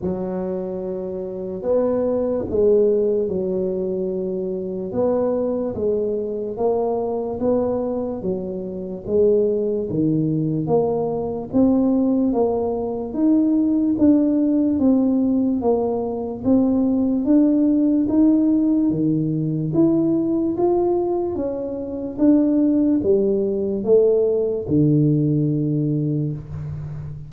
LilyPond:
\new Staff \with { instrumentName = "tuba" } { \time 4/4 \tempo 4 = 73 fis2 b4 gis4 | fis2 b4 gis4 | ais4 b4 fis4 gis4 | dis4 ais4 c'4 ais4 |
dis'4 d'4 c'4 ais4 | c'4 d'4 dis'4 dis4 | e'4 f'4 cis'4 d'4 | g4 a4 d2 | }